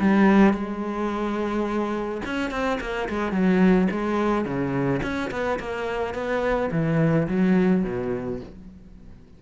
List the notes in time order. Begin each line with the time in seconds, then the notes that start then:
0.00 G3
0.54 G#3
2.26 C#4
2.51 C4
2.81 A#3
3.09 G#3
3.32 F#3
3.92 G#3
4.45 C#3
5.03 C#4
5.31 B3
5.60 A#3
6.15 B3
6.72 E3
7.28 F#3
7.84 B2